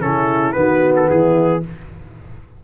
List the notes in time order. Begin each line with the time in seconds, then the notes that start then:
0.00 C#3 C#4 E4 A4
0.52 D#3 B3 F#4 B4
0.95 A4
1.09 E3 E4 G#4